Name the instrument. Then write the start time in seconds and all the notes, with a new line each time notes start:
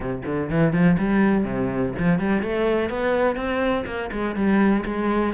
cello
0.00 C3
0.25 D3
0.50 E3
0.72 F3
0.98 G3
1.44 C3
1.98 F3
2.19 G3
2.42 A3
2.89 B3
3.35 C4
3.86 A#3
4.12 G#3
4.35 G3
4.85 G#3